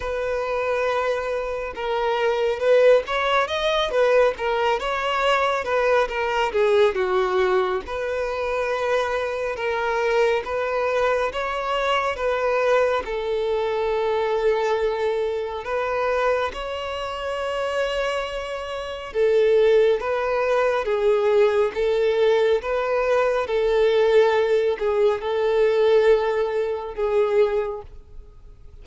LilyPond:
\new Staff \with { instrumentName = "violin" } { \time 4/4 \tempo 4 = 69 b'2 ais'4 b'8 cis''8 | dis''8 b'8 ais'8 cis''4 b'8 ais'8 gis'8 | fis'4 b'2 ais'4 | b'4 cis''4 b'4 a'4~ |
a'2 b'4 cis''4~ | cis''2 a'4 b'4 | gis'4 a'4 b'4 a'4~ | a'8 gis'8 a'2 gis'4 | }